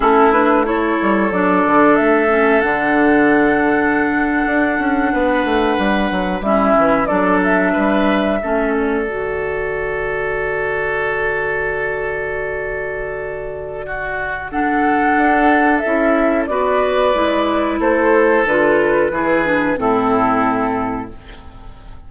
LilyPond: <<
  \new Staff \with { instrumentName = "flute" } { \time 4/4 \tempo 4 = 91 a'8 b'8 cis''4 d''4 e''4 | fis''1~ | fis''4.~ fis''16 e''4 d''8 e''8.~ | e''4~ e''16 d''2~ d''8.~ |
d''1~ | d''2 fis''2 | e''4 d''2 c''4 | b'2 a'2 | }
  \new Staff \with { instrumentName = "oboe" } { \time 4/4 e'4 a'2.~ | a'2.~ a'8. b'16~ | b'4.~ b'16 e'4 a'4 b'16~ | b'8. a'2.~ a'16~ |
a'1~ | a'4 fis'4 a'2~ | a'4 b'2 a'4~ | a'4 gis'4 e'2 | }
  \new Staff \with { instrumentName = "clarinet" } { \time 4/4 cis'8 d'8 e'4 d'4. cis'8 | d'1~ | d'4.~ d'16 cis'4 d'4~ d'16~ | d'8. cis'4 fis'2~ fis'16~ |
fis'1~ | fis'2 d'2 | e'4 fis'4 e'2 | f'4 e'8 d'8 c'2 | }
  \new Staff \with { instrumentName = "bassoon" } { \time 4/4 a4. g8 fis8 d8 a4 | d2~ d8. d'8 cis'8 b16~ | b16 a8 g8 fis8 g8 e8 fis4 g16~ | g8. a4 d2~ d16~ |
d1~ | d2. d'4 | cis'4 b4 gis4 a4 | d4 e4 a,2 | }
>>